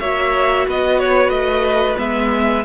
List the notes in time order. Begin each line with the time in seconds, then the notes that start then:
0.00 A#3 F#4 C#5 E5
0.67 B3 B4 D#5
1.00 C#5
1.29 A3 D#5
1.97 G#3 B3 E5